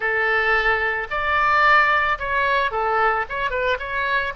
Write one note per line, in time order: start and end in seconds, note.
0.00 1.07 A4
1.10 2.18 D5
2.18 2.71 C#5
2.71 3.25 A4
3.29 3.50 C#5
3.50 3.77 B4
3.79 4.33 C#5